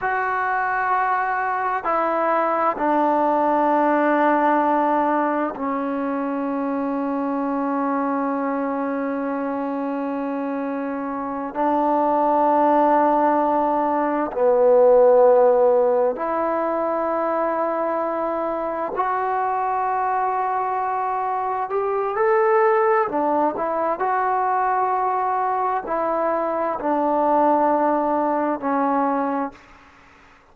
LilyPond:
\new Staff \with { instrumentName = "trombone" } { \time 4/4 \tempo 4 = 65 fis'2 e'4 d'4~ | d'2 cis'2~ | cis'1~ | cis'8 d'2. b8~ |
b4. e'2~ e'8~ | e'8 fis'2. g'8 | a'4 d'8 e'8 fis'2 | e'4 d'2 cis'4 | }